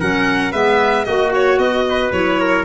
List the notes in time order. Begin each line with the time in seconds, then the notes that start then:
0.00 F#3 C#4 A#4 F#5
0.52 G#3 B3 B4 E5
1.05 A#3 F#4 D#5
1.35 C#5
1.59 B3 D#5
1.90 B4
2.12 F#3 E4 C#5
2.41 A#4